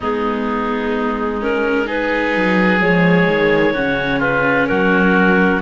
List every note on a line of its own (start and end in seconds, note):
0.00 2.36 G#3
0.00 1.40 B3
0.00 1.86 D#4
0.00 1.42 G#4
1.40 1.85 C#4
1.40 1.88 A#4
1.85 2.79 D#4
1.85 3.73 G#4
1.85 2.81 B4
2.36 2.81 F#3
2.80 3.27 F3
2.80 3.74 G#3
2.80 4.21 C#5
3.27 3.74 D#3
3.73 4.70 C#3
3.73 5.62 C#4
3.73 4.19 F#4
4.19 4.66 F4
4.19 4.67 B4
4.67 5.62 F#3
4.67 5.62 F#4
4.67 5.61 A#4